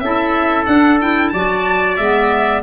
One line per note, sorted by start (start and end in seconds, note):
0.00 0.66 C#4
0.00 0.67 E4
0.00 1.34 A4
0.00 0.65 E5
0.66 1.00 D4
0.66 1.32 D4
0.66 0.99 F#5
1.01 1.33 E4
1.01 1.29 G5
1.29 1.98 F#3
1.29 2.00 F#4
1.29 2.63 D5
1.29 1.95 A5
1.97 2.63 G#3
1.97 2.63 B3
1.97 2.62 E5